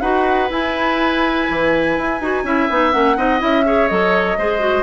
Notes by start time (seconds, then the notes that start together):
0.00 D#4 F#4 B4 F#5
0.49 E4 G#5
1.49 E3
1.97 E4
2.20 D#4 F#4
2.43 C#4 E4 E5
2.69 B3 D#4
2.91 A#3 C#4 F#5
3.16 C4 D#4 D#5
3.39 C#4 E4 E5
3.65 G#4 C#5
3.87 F#3 A4 D#5
4.37 G#3 G#4 C5
4.59 F#4